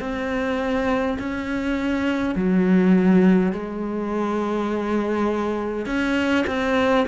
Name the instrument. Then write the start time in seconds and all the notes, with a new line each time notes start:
cello
0.00 C4
1.18 C#4
2.35 F#3
3.52 G#3
5.86 C#4
6.47 C4